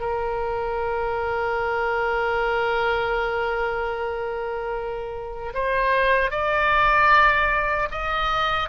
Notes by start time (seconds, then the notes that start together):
0.00 A#4
5.54 C5
6.31 D5
7.91 D#5